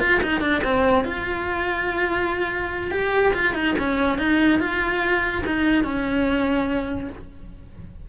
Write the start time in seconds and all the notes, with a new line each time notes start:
0.00 F4
0.23 D#4
0.41 D4
0.64 C4
1.04 F4
2.91 G4
3.34 F4
3.55 D#4
3.79 C#4
4.19 D#4
4.60 F4
5.46 D#4
5.84 C#4